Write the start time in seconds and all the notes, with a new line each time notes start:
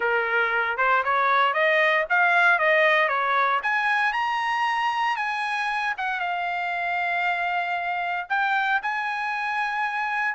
0.00 A#4
0.77 C5
1.03 C#5
1.53 D#5
2.09 F5
2.59 D#5
3.08 C#5
3.62 G#5
4.12 A#5
5.16 G#5
5.97 F#5
6.20 F5
8.29 G5
8.82 G#5